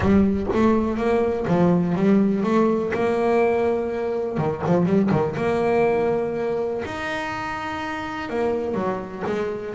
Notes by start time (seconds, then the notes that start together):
0.00 G3
0.53 A3
0.97 A#3
1.47 F3
1.95 G3
2.43 A3
2.93 A#3
4.37 D#3
4.66 F3
4.85 G3
5.11 D#3
5.36 A#3
6.85 D#4
8.29 A#3
8.74 F#3
9.26 G#3